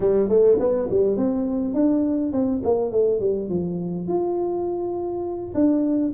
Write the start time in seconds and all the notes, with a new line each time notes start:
0.00 G3
0.29 A3
0.59 B3
0.90 G3
1.17 C4
1.74 D4
2.32 C4
2.63 A#3
2.91 A3
3.20 G3
3.49 F3
4.07 F4
5.54 D4